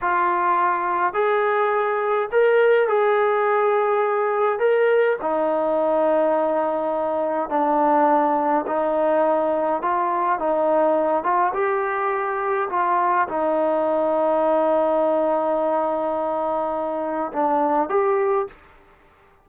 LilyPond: \new Staff \with { instrumentName = "trombone" } { \time 4/4 \tempo 4 = 104 f'2 gis'2 | ais'4 gis'2. | ais'4 dis'2.~ | dis'4 d'2 dis'4~ |
dis'4 f'4 dis'4. f'8 | g'2 f'4 dis'4~ | dis'1~ | dis'2 d'4 g'4 | }